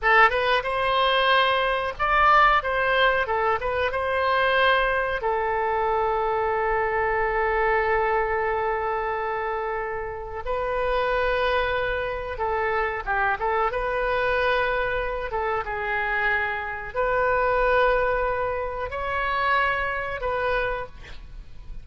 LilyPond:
\new Staff \with { instrumentName = "oboe" } { \time 4/4 \tempo 4 = 92 a'8 b'8 c''2 d''4 | c''4 a'8 b'8 c''2 | a'1~ | a'1 |
b'2. a'4 | g'8 a'8 b'2~ b'8 a'8 | gis'2 b'2~ | b'4 cis''2 b'4 | }